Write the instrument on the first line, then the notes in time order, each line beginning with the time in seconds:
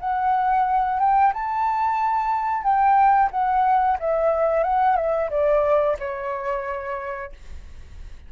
flute
0.00 F#5
1.00 G5
1.34 A5
2.63 G5
3.32 F#5
4.00 E5
4.64 F#5
4.97 E5
5.31 D5
6.00 C#5